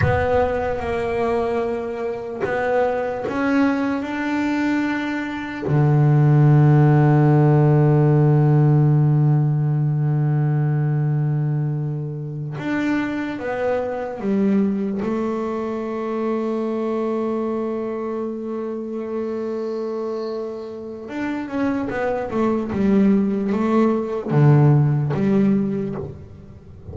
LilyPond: \new Staff \with { instrumentName = "double bass" } { \time 4/4 \tempo 4 = 74 b4 ais2 b4 | cis'4 d'2 d4~ | d1~ | d2.~ d8 d'8~ |
d'8 b4 g4 a4.~ | a1~ | a2 d'8 cis'8 b8 a8 | g4 a4 d4 g4 | }